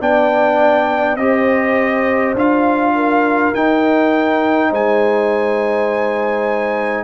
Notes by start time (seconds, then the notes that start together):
0.00 B3 D4 D5 G5
1.16 C4 G4 C5 D#5
2.34 D4 F4 F5
2.95 A#4
3.54 D#4 G5
4.70 G#3 C5 G#5